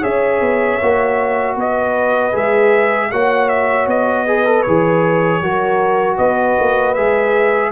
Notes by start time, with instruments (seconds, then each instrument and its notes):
0.00 tuba C#4, trombone G#4, horn C#5, trumpet E5
0.40 tuba B3
0.81 tuba A#3, trombone F#4
1.55 tuba B3, horn B4, trumpet D#5
2.32 tuba G#3, trombone G#4, trumpet E5
3.11 tuba A#3, trombone F#4, horn C#5, trumpet F#5
3.48 trumpet E5
3.86 tuba B3, trumpet D#5
4.25 trombone G#4, horn B4
4.45 trombone A4
4.62 tuba E3, trombone G#4, trumpet C#5
5.41 tuba F#3, trombone F#4, horn A#4
6.16 tuba B3, horn B4, trumpet D#5
6.60 tuba A#3
6.94 tuba G#3, trombone G#4, trumpet E5